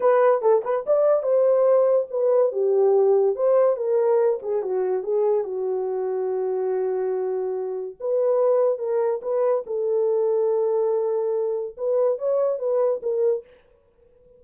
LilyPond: \new Staff \with { instrumentName = "horn" } { \time 4/4 \tempo 4 = 143 b'4 a'8 b'8 d''4 c''4~ | c''4 b'4 g'2 | c''4 ais'4. gis'8 fis'4 | gis'4 fis'2.~ |
fis'2. b'4~ | b'4 ais'4 b'4 a'4~ | a'1 | b'4 cis''4 b'4 ais'4 | }